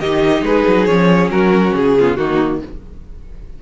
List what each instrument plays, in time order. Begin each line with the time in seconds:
0.00 cello D#3, viola D#4, violin G4 D#5
0.42 cello G#3, violin G#4 B4
0.68 cello F#3
0.85 cello F3, viola C#4, violin C#5
1.29 cello F#3, violin F#4 A#4
1.74 cello C#3, violin G#4
1.99 viola B3, violin F4
2.16 cello D#3, viola A#3, violin D#4 F#4